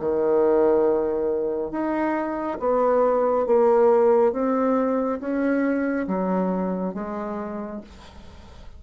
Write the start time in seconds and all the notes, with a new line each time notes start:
0.00 D#3
1.72 D#4
2.60 B3
3.47 A#3
4.33 C4
5.21 C#4
6.08 F#3
6.94 G#3